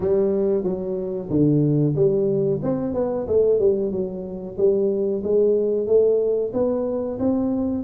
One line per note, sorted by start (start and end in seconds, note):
0.00 0.63 G3
0.63 1.28 F#3
1.30 1.95 D3
1.95 2.60 G3
2.62 2.93 C4
2.93 3.26 B3
3.27 3.59 A3
3.59 3.91 G3
3.91 4.57 F#3
4.57 5.23 G3
5.23 5.87 G#3
5.87 6.52 A3
6.53 7.18 B3
7.19 7.83 C4